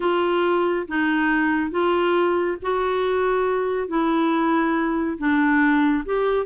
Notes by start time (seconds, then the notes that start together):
0.00 F4
0.88 D#4
1.70 F4
2.61 F#4
3.88 E4
5.17 D4
6.05 G4